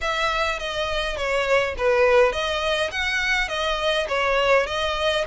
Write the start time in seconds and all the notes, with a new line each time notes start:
0.01 E5
0.59 D#5
1.16 C#5
1.77 B4
2.32 D#5
2.91 F#5
3.48 D#5
4.08 C#5
4.66 D#5